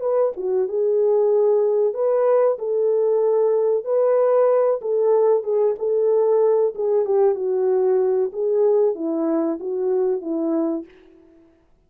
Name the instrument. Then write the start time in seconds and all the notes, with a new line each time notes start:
horn
0.00 B4
0.36 F#4
0.68 G#4
1.94 B4
2.59 A4
3.84 B4
4.81 A4
5.43 G#4
5.79 A4
6.75 G#4
7.05 G4
7.35 F#4
8.32 G#4
8.95 E4
9.59 F#4
10.21 E4